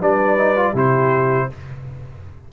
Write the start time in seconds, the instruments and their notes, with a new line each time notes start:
0.00 tuba G3, trombone D4, horn B4, trumpet D5
0.37 trombone D#4
0.56 trombone F4
0.73 tuba C3, trombone E4, horn G4, trumpet C5